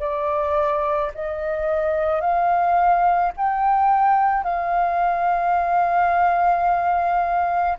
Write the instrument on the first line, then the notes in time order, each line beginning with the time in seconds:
flute
0.00 D5
1.15 D#5
2.21 F5
3.37 G5
4.44 F5